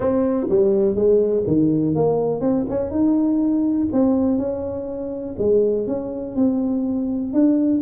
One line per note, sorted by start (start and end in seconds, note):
0.00 0.47 C4
0.49 0.95 G3
0.95 1.43 G#3
1.47 1.95 D#3
1.95 2.41 A#3
2.41 2.65 C4
2.69 2.90 C#4
2.90 3.88 D#4
3.92 4.38 C4
4.38 5.35 C#4
5.38 5.87 G#3
5.87 6.35 C#4
6.35 7.33 C4
7.33 7.81 D4